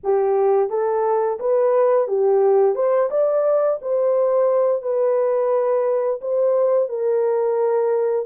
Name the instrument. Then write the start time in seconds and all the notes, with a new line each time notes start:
horn
0.03 G4
0.69 A4
1.39 B4
2.07 G4
2.75 C5
3.10 D5
3.81 C5
4.82 B4
6.21 C5
6.88 A#4